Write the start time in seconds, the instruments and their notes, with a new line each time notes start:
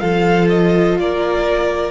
0.00 cello F3, viola F4, violin A4 F5
0.50 violin D#5
0.99 cello A#3, violin A#4 D5